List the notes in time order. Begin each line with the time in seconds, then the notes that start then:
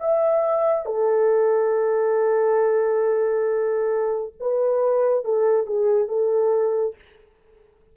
0.00 E5
0.85 A4
4.40 B4
5.24 A4
5.66 G#4
6.08 A4